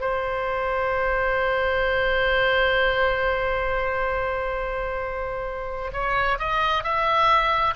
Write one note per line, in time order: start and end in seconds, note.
0.00 5.91 C5
5.92 6.38 C#5
6.38 6.83 D#5
6.83 7.74 E5